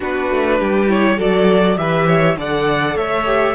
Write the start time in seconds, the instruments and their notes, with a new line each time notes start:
0.00 cello B3, viola D4, violin F#4 B4
0.30 cello A3
0.58 cello G3, violin G4
0.87 viola E4, violin C#5
1.16 cello F#3, viola F#4, violin A4 D5
1.77 cello E3, viola G4, violin B4 E5
2.07 violin C#5
2.36 cello D3, viola A4, violin D5 F#5
2.96 cello A3, violin C#5 E5
3.25 viola G4